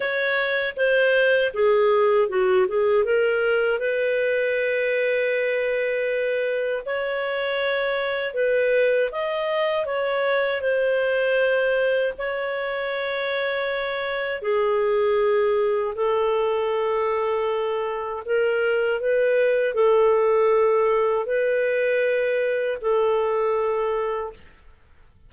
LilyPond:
\new Staff \with { instrumentName = "clarinet" } { \time 4/4 \tempo 4 = 79 cis''4 c''4 gis'4 fis'8 gis'8 | ais'4 b'2.~ | b'4 cis''2 b'4 | dis''4 cis''4 c''2 |
cis''2. gis'4~ | gis'4 a'2. | ais'4 b'4 a'2 | b'2 a'2 | }